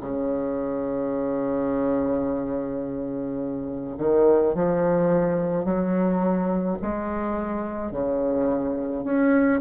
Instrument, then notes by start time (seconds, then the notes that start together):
bassoon
0.00 C#3
3.98 D#3
4.54 F3
5.64 F#3
6.82 G#3
7.91 C#3
9.04 C#4